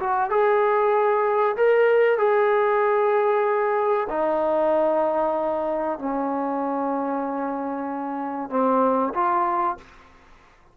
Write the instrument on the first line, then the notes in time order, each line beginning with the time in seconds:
trombone
0.00 F#4
0.30 G#4
1.57 A#4
2.18 G#4
4.10 D#4
5.99 C#4
8.50 C4
9.14 F4